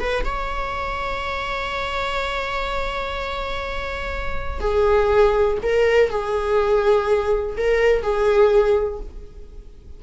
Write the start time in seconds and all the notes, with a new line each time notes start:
0.00 B4
0.25 C#5
4.60 G#4
5.63 A#4
6.10 G#4
7.58 A#4
8.03 G#4